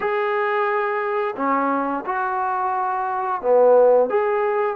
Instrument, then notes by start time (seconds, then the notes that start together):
trombone
0.00 G#4
1.36 C#4
2.05 F#4
3.41 B3
4.09 G#4